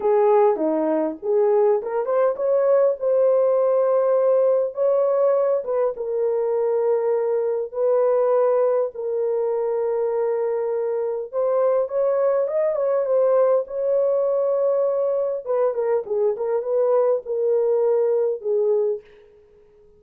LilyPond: \new Staff \with { instrumentName = "horn" } { \time 4/4 \tempo 4 = 101 gis'4 dis'4 gis'4 ais'8 c''8 | cis''4 c''2. | cis''4. b'8 ais'2~ | ais'4 b'2 ais'4~ |
ais'2. c''4 | cis''4 dis''8 cis''8 c''4 cis''4~ | cis''2 b'8 ais'8 gis'8 ais'8 | b'4 ais'2 gis'4 | }